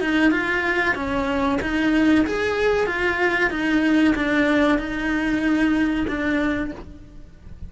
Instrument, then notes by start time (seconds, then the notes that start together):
cello
0.00 D#4
0.31 F4
0.95 C#4
1.61 D#4
2.26 G#4
2.86 F4
3.50 D#4
4.15 D4
4.78 D#4
6.07 D4